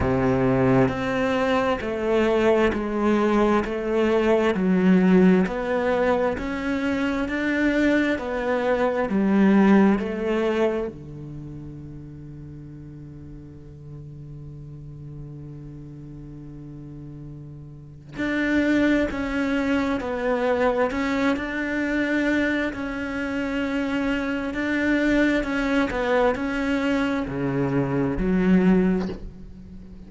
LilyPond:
\new Staff \with { instrumentName = "cello" } { \time 4/4 \tempo 4 = 66 c4 c'4 a4 gis4 | a4 fis4 b4 cis'4 | d'4 b4 g4 a4 | d1~ |
d1 | d'4 cis'4 b4 cis'8 d'8~ | d'4 cis'2 d'4 | cis'8 b8 cis'4 cis4 fis4 | }